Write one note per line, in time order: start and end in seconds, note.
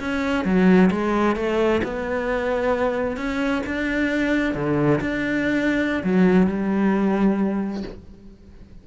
0.00 0.45 C#4
0.45 0.90 F#3
0.91 1.36 G#3
1.36 1.82 A3
1.84 3.17 B3
3.17 3.62 C#4
3.67 4.55 D4
4.55 5.00 D3
5.01 6.03 D4
6.04 6.47 F#3
6.47 7.83 G3